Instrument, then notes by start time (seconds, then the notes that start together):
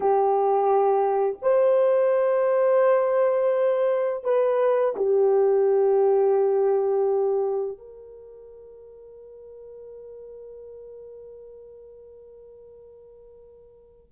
horn
0.00 G4
1.42 C5
4.24 B4
4.96 G4
7.78 A#4